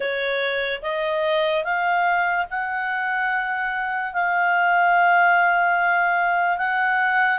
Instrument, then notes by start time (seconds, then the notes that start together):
clarinet
0.00 C#5
0.82 D#5
1.64 F5
2.50 F#5
4.13 F5
6.57 F#5